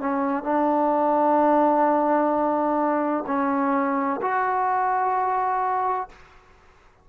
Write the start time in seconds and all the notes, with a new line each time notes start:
0.00 C#4
0.43 D4
3.27 C#4
4.21 F#4